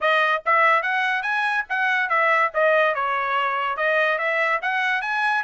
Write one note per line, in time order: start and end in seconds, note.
0.00 0.42 D#5
0.45 0.82 E5
0.82 1.22 F#5
1.22 1.64 G#5
1.69 2.09 F#5
2.09 2.51 E5
2.54 2.94 D#5
2.94 3.76 C#5
3.76 4.18 D#5
4.18 4.60 E5
4.62 5.01 F#5
5.01 5.43 G#5